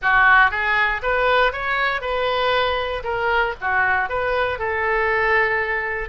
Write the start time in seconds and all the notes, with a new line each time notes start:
0.02 F#4
0.51 G#4
1.02 B4
1.52 C#5
2.01 B4
3.03 A#4
3.61 F#4
4.09 B4
4.58 A4